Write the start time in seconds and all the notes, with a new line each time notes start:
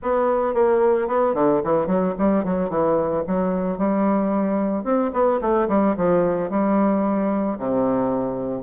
0.02 B3
0.54 A#3
1.07 B3
1.34 D3
1.64 E3
1.86 F#3
2.18 G3
2.44 F#3
2.69 E3
3.27 F#3
3.78 G3
4.84 C4
5.13 B3
5.41 A3
5.68 G3
5.96 F3
6.49 G3
7.58 C3